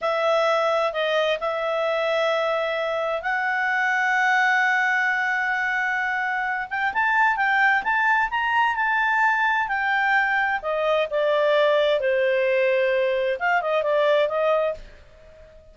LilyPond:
\new Staff \with { instrumentName = "clarinet" } { \time 4/4 \tempo 4 = 130 e''2 dis''4 e''4~ | e''2. fis''4~ | fis''1~ | fis''2~ fis''8 g''8 a''4 |
g''4 a''4 ais''4 a''4~ | a''4 g''2 dis''4 | d''2 c''2~ | c''4 f''8 dis''8 d''4 dis''4 | }